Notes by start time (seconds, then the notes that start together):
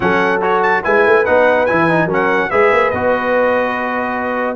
0.00 F#3 C#4 A4 F#5
0.41 F#4 C#5
0.62 A5
0.83 G#3 E4 B4 G#5
1.06 A3
1.25 B3 D#4 F#5
1.66 E3 E4 G#5
1.89 D#4
2.05 F#3 C#4 A#4
2.13 F#5
2.50 G#3 G#4 B4 E5
2.72 A#3
2.90 B3 F#4 D#5